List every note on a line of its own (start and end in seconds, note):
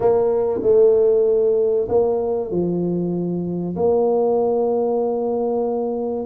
0.00 0.60 A#3
0.62 1.87 A3
1.88 2.50 A#3
2.50 3.75 F3
3.76 6.25 A#3